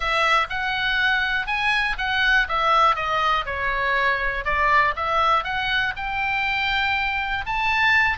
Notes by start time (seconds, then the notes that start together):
0.00 E5
0.49 F#5
1.47 G#5
1.98 F#5
2.48 E5
2.95 D#5
3.45 C#5
4.44 D5
4.96 E5
5.44 F#5
5.96 G5
7.45 A5